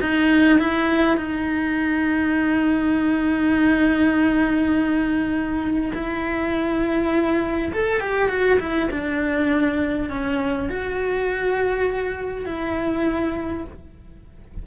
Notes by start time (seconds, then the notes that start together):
0.00 D#4
0.59 E4
1.16 D#4
5.94 E4
7.73 A4
8.00 G4
8.28 F#4
8.59 E4
8.90 D4
10.09 C#4
10.69 F#4
12.45 E4